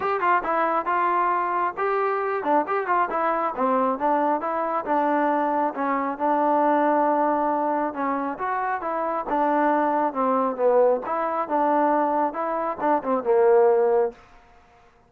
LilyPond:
\new Staff \with { instrumentName = "trombone" } { \time 4/4 \tempo 4 = 136 g'8 f'8 e'4 f'2 | g'4. d'8 g'8 f'8 e'4 | c'4 d'4 e'4 d'4~ | d'4 cis'4 d'2~ |
d'2 cis'4 fis'4 | e'4 d'2 c'4 | b4 e'4 d'2 | e'4 d'8 c'8 ais2 | }